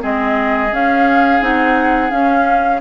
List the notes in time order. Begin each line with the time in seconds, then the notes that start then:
0.00 G#3 C4 G#4 D#5
0.73 C#4 F5
1.41 C4 D#4 F#5
2.11 C#4 F5